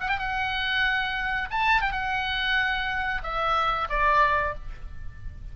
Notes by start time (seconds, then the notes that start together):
0.00 F#5
0.08 G5
0.18 F#5
1.50 A5
1.81 G5
1.92 F#5
3.23 E5
3.89 D5